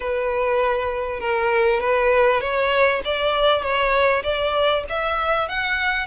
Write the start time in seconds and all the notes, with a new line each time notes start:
0.00 B4
1.20 A#4
1.80 B4
2.40 C#5
3.04 D5
3.62 C#5
4.23 D5
4.89 E5
5.48 F#5